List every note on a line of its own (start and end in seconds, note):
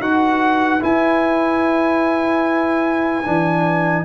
0.00 0.81 D#4
0.00 0.80 F#4
0.00 4.05 B4
0.00 0.83 F#5
0.80 3.23 E4
0.80 3.26 E4
0.80 4.05 G#5
3.26 4.05 E3
3.26 4.05 D4